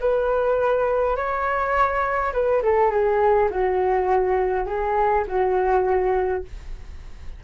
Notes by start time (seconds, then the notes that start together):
0.00 B4
1.16 C#5
2.33 B4
2.62 A4
2.90 G#4
3.50 F#4
4.66 G#4
5.27 F#4